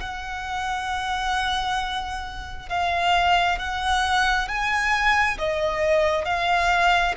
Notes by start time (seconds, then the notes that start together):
0.00 F#5
2.69 F5
3.58 F#5
4.48 G#5
5.38 D#5
6.25 F5